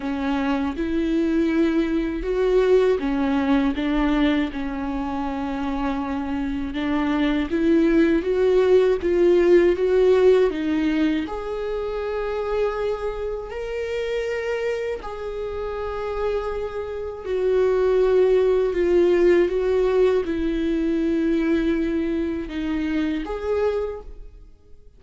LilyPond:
\new Staff \with { instrumentName = "viola" } { \time 4/4 \tempo 4 = 80 cis'4 e'2 fis'4 | cis'4 d'4 cis'2~ | cis'4 d'4 e'4 fis'4 | f'4 fis'4 dis'4 gis'4~ |
gis'2 ais'2 | gis'2. fis'4~ | fis'4 f'4 fis'4 e'4~ | e'2 dis'4 gis'4 | }